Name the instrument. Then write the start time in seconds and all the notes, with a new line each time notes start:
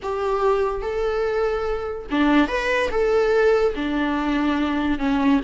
viola
0.02 G4
0.81 A4
2.10 D4
2.48 B4
2.91 A4
3.75 D4
4.98 C#4